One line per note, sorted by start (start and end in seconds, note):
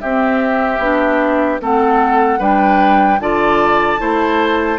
0.00 0.79 C4
0.00 0.81 C4
0.00 1.61 G4
0.00 1.60 E5
0.79 1.59 B3
0.79 1.60 D4
1.60 2.40 A3
1.60 2.39 C4
1.60 2.39 A4
1.60 2.42 F#5
2.39 3.19 G3
2.39 3.19 D4
2.39 3.19 B4
2.39 3.20 G5
3.19 3.99 D3
3.19 3.98 F4
3.19 4.00 D5
3.19 4.79 A5
3.98 4.79 A3
3.98 4.78 E4
3.98 4.79 C5